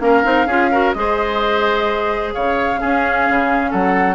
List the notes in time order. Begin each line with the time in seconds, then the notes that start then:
0.00 A#3 C#4 A#4 F5
0.24 C4 D#4
0.46 C#4 F4 G#4
0.71 F#4 A#4
0.92 G#3 G#4 C5 D#5
2.33 C#3 C#5 F5
2.78 C#4 G#4
3.28 C#3
3.70 F#3 A4 F#5